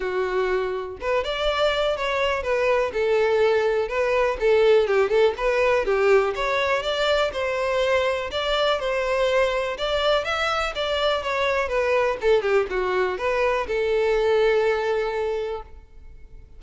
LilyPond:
\new Staff \with { instrumentName = "violin" } { \time 4/4 \tempo 4 = 123 fis'2 b'8 d''4. | cis''4 b'4 a'2 | b'4 a'4 g'8 a'8 b'4 | g'4 cis''4 d''4 c''4~ |
c''4 d''4 c''2 | d''4 e''4 d''4 cis''4 | b'4 a'8 g'8 fis'4 b'4 | a'1 | }